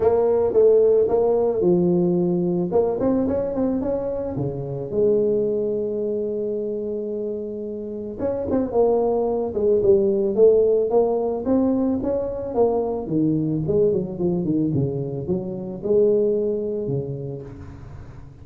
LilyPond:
\new Staff \with { instrumentName = "tuba" } { \time 4/4 \tempo 4 = 110 ais4 a4 ais4 f4~ | f4 ais8 c'8 cis'8 c'8 cis'4 | cis4 gis2.~ | gis2. cis'8 c'8 |
ais4. gis8 g4 a4 | ais4 c'4 cis'4 ais4 | dis4 gis8 fis8 f8 dis8 cis4 | fis4 gis2 cis4 | }